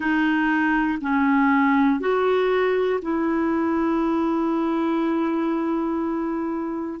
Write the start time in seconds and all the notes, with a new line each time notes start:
0.00 D#4
1.01 C#4
2.00 F#4
3.01 E4